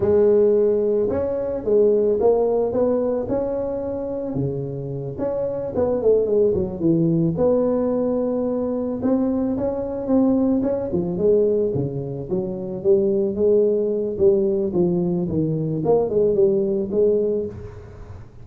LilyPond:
\new Staff \with { instrumentName = "tuba" } { \time 4/4 \tempo 4 = 110 gis2 cis'4 gis4 | ais4 b4 cis'2 | cis4. cis'4 b8 a8 gis8 | fis8 e4 b2~ b8~ |
b8 c'4 cis'4 c'4 cis'8 | f8 gis4 cis4 fis4 g8~ | g8 gis4. g4 f4 | dis4 ais8 gis8 g4 gis4 | }